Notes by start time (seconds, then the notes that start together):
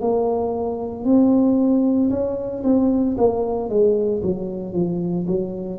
0.00 A#3
1.04 C4
2.10 C#4
2.63 C4
3.17 A#3
3.69 G#3
4.22 F#3
4.73 F3
5.27 F#3